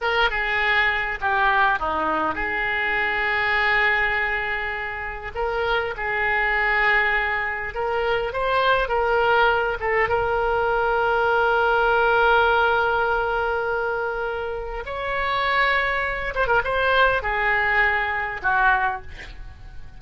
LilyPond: \new Staff \with { instrumentName = "oboe" } { \time 4/4 \tempo 4 = 101 ais'8 gis'4. g'4 dis'4 | gis'1~ | gis'4 ais'4 gis'2~ | gis'4 ais'4 c''4 ais'4~ |
ais'8 a'8 ais'2.~ | ais'1~ | ais'4 cis''2~ cis''8 c''16 ais'16 | c''4 gis'2 fis'4 | }